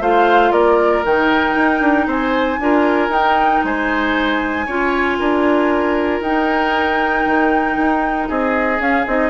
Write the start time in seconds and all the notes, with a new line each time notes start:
0.00 A3 F4 C5 F5
0.52 A#3 A#4 D5
1.04 D#3 D#4 G5
1.55 D#4
1.81 D4
2.06 C4 C5 G#5
2.59 D4 F4 A#4
3.09 D#4 G5
3.64 G#3 C5 G#5
4.66 C#4 F4 C#5
5.19 D4 A#4
6.21 D#4 G5
7.25 D#3
7.77 D#4
8.29 C4 G#4 D#5
8.79 C#4 F5
9.07 C4 D#4 D#5